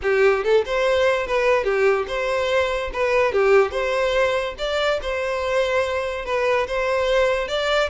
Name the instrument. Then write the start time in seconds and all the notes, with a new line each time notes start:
violin
0.02 G4
0.44 A4
0.65 C5
1.26 B4
1.64 G4
2.07 C5
2.93 B4
3.32 G4
3.71 C5
4.58 D5
5.02 C5
6.25 B4
6.67 C5
7.48 D5